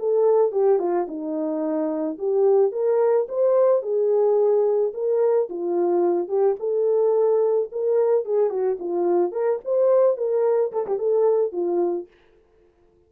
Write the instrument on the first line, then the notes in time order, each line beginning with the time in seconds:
horn
0.00 A4
0.52 G4
0.79 F4
1.08 D#4
2.18 G4
2.72 A#4
3.29 C5
3.83 G#4
4.94 A#4
5.50 F4
6.29 G4
6.60 A4
7.72 A#4
8.25 G#4
8.50 F#4
8.80 F4
9.32 A#4
9.65 C5
10.17 A#4
10.73 A4
10.87 G4
10.99 A4
11.53 F4